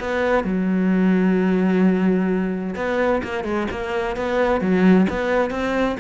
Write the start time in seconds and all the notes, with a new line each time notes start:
0.00 B3
0.44 F#3
2.76 B3
3.24 A#3
3.44 G#3
3.71 A#3
4.17 B3
4.61 F#3
5.10 B3
5.50 C4